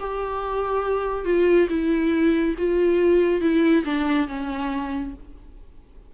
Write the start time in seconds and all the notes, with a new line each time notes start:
0.00 G4
1.25 F4
1.69 E4
2.58 F4
3.41 E4
3.85 D4
4.28 C#4